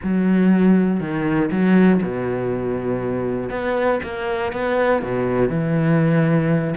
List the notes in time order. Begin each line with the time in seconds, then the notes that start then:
0.03 F#3
1.00 D#3
1.51 F#3
2.02 B2
3.50 B3
4.03 A#3
4.52 B3
5.02 B2
5.49 E3